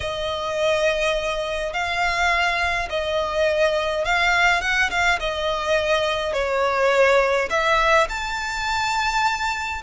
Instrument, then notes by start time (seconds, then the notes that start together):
violin
0.00 D#5
1.73 F5
2.89 D#5
4.04 F5
4.61 F#5
4.90 F5
5.19 D#5
6.33 C#5
7.49 E5
8.09 A5